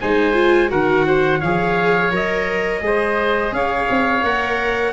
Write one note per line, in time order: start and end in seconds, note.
0.00 0.72 G#3
0.00 0.34 D#4
0.00 0.71 C5
0.00 0.71 G#5
0.34 0.69 F4
0.69 1.42 D#3
0.69 1.39 F#4
0.69 1.06 A#4
0.69 1.41 F#5
1.07 1.39 C5
1.39 2.11 F3
1.39 2.12 G#4
1.39 2.81 C#5
1.39 2.12 F5
2.11 2.81 F#3
2.11 2.81 A#4
2.11 3.54 D#5
2.81 3.52 G#3
2.81 4.22 G#4
2.81 3.55 C5
3.52 3.88 C#4
3.52 4.93 C#5
3.52 4.24 F5
3.90 4.23 C4
4.23 4.93 A#3
4.23 4.93 A#4
4.23 4.93 F#5